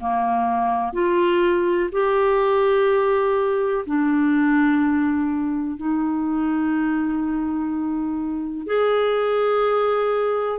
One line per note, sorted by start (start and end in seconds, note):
0.00 0.92 A#3
0.92 1.89 F4
1.91 3.85 G4
3.86 5.77 D4
5.77 8.66 D#4
8.66 10.59 G#4